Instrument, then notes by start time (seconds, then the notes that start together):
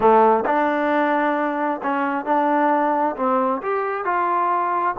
trombone
0.00 A3
0.45 D4
1.83 C#4
2.25 D4
3.16 C4
3.62 G4
4.05 F4